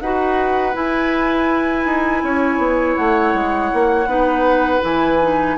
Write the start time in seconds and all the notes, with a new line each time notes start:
0.00 D#4 F#4 B4 F#5
0.73 E4 G#5
1.85 D#4
2.23 C#4 C#5
2.58 B3
2.96 A3 F#5
3.34 G#3
3.73 A#3
4.06 B3 D#4 B4
4.81 E3 E4 G#5
5.21 D#4